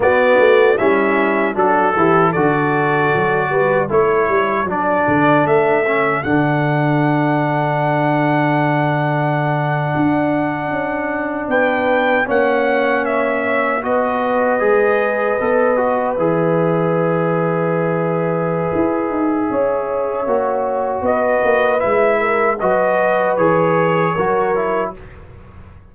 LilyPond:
<<
  \new Staff \with { instrumentName = "trumpet" } { \time 4/4 \tempo 4 = 77 d''4 e''4 a'4 d''4~ | d''4 cis''4 d''4 e''4 | fis''1~ | fis''2~ fis''8. g''4 fis''16~ |
fis''8. e''4 dis''2~ dis''16~ | dis''8. e''2.~ e''16~ | e''2. dis''4 | e''4 dis''4 cis''2 | }
  \new Staff \with { instrumentName = "horn" } { \time 4/4 fis'4 e'4 fis'8 g'8 a'4~ | a'8 b'8 a'2.~ | a'1~ | a'2~ a'8. b'4 cis''16~ |
cis''4.~ cis''16 b'2~ b'16~ | b'1~ | b'4 cis''2 b'4~ | b'8 ais'8 b'2 ais'4 | }
  \new Staff \with { instrumentName = "trombone" } { \time 4/4 b4 cis'4 d'8 e'8 fis'4~ | fis'4 e'4 d'4. cis'8 | d'1~ | d'2.~ d'8. cis'16~ |
cis'4.~ cis'16 fis'4 gis'4 a'16~ | a'16 fis'8 gis'2.~ gis'16~ | gis'2 fis'2 | e'4 fis'4 gis'4 fis'8 e'8 | }
  \new Staff \with { instrumentName = "tuba" } { \time 4/4 b8 a8 g4 fis8 e8 d4 | fis8 g8 a8 g8 fis8 d8 a4 | d1~ | d8. d'4 cis'4 b4 ais16~ |
ais4.~ ais16 b4 gis4 b16~ | b8. e2.~ e16 | e'8 dis'8 cis'4 ais4 b8 ais8 | gis4 fis4 e4 fis4 | }
>>